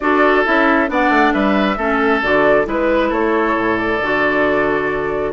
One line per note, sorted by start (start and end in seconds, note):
0.00 0.45 D4
0.00 0.45 F#4
0.00 0.90 A4
0.00 0.44 D5
0.45 0.89 C#4
0.45 0.87 E4
0.45 0.90 E5
0.87 1.09 B3
0.87 1.76 D4
0.87 1.33 D5
0.87 1.32 F#5
1.09 1.32 A3
1.32 1.77 G3
1.32 1.77 B4
1.32 2.21 E5
1.77 2.21 A3
1.77 2.22 C#4
1.77 2.66 A4
2.22 2.66 D3
2.22 2.64 F#4
2.22 2.67 D5
2.64 3.11 G#3
2.64 3.97 E4
2.64 3.09 B4
2.64 3.12 B4
3.09 3.55 A3
3.09 5.31 A4
3.09 3.77 C#5
3.55 4.00 A2
3.77 5.32 D5
4.01 5.33 D3
4.01 5.33 F#4